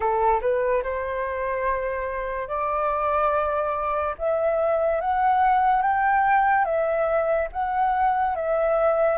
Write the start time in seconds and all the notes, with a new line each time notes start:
0.00 A4
0.41 B4
0.83 C5
2.48 D5
4.18 E5
5.00 F#5
5.81 G5
6.64 E5
7.52 F#5
8.35 E5